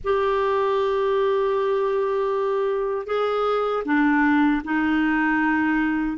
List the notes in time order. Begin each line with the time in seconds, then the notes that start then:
0.03 G4
3.06 G#4
3.85 D4
4.64 D#4